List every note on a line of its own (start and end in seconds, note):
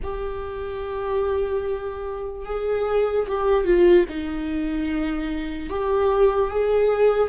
0.03 2.45 G4
2.45 3.27 G#4
3.27 3.64 G4
3.64 4.05 F4
4.08 5.69 D#4
5.69 6.50 G4
6.50 7.28 G#4